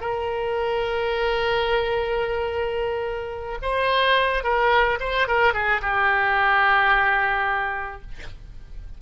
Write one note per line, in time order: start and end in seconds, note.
0.00 3.58 A#4
3.62 4.43 C5
4.43 4.98 A#4
5.00 5.27 C5
5.27 5.53 A#4
5.53 5.81 G#4
5.81 8.01 G4